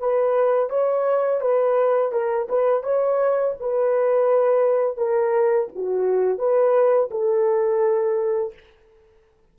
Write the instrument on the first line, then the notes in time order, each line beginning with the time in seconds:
horn
0.00 B4
0.70 C#5
1.41 B4
2.12 A#4
2.49 B4
2.83 C#5
3.60 B4
4.97 A#4
5.76 F#4
6.39 B4
7.11 A4